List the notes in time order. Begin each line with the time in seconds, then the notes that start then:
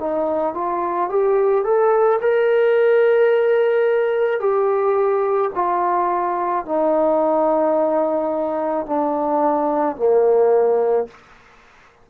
0.00 D#4
0.55 F4
1.10 G4
1.65 A4
2.21 A#4
4.40 G4
5.55 F4
6.66 D#4
8.86 D4
9.96 A#3